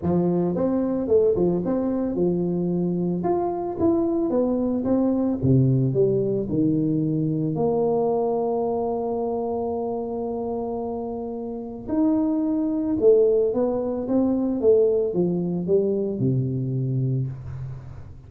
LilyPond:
\new Staff \with { instrumentName = "tuba" } { \time 4/4 \tempo 4 = 111 f4 c'4 a8 f8 c'4 | f2 f'4 e'4 | b4 c'4 c4 g4 | dis2 ais2~ |
ais1~ | ais2 dis'2 | a4 b4 c'4 a4 | f4 g4 c2 | }